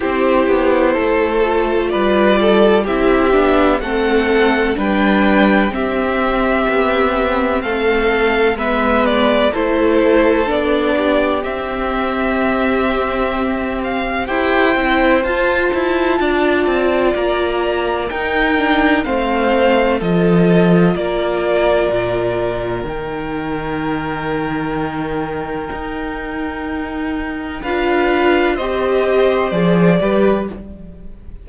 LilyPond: <<
  \new Staff \with { instrumentName = "violin" } { \time 4/4 \tempo 4 = 63 c''2 d''4 e''4 | fis''4 g''4 e''2 | f''4 e''8 d''8 c''4 d''4 | e''2~ e''8 f''8 g''4 |
a''2 ais''4 g''4 | f''4 dis''4 d''2 | g''1~ | g''4 f''4 dis''4 d''4 | }
  \new Staff \with { instrumentName = "violin" } { \time 4/4 g'4 a'4 b'8 a'8 g'4 | a'4 b'4 g'2 | a'4 b'4 a'4. g'8~ | g'2. c''4~ |
c''4 d''2 ais'4 | c''4 a'4 ais'2~ | ais'1~ | ais'4 b'4 c''4. b'8 | }
  \new Staff \with { instrumentName = "viola" } { \time 4/4 e'4. f'4. e'8 d'8 | c'4 d'4 c'2~ | c'4 b4 e'4 d'4 | c'2. g'8 e'8 |
f'2. dis'8 d'8 | c'4 f'2. | dis'1~ | dis'4 f'4 g'4 gis'8 g'8 | }
  \new Staff \with { instrumentName = "cello" } { \time 4/4 c'8 b8 a4 g4 c'8 b8 | a4 g4 c'4 b4 | a4 gis4 a4 b4 | c'2. e'8 c'8 |
f'8 e'8 d'8 c'8 ais4 dis'4 | a4 f4 ais4 ais,4 | dis2. dis'4~ | dis'4 d'4 c'4 f8 g8 | }
>>